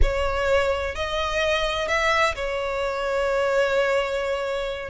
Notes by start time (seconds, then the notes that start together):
0.02 C#5
0.95 D#5
1.87 E5
2.35 C#5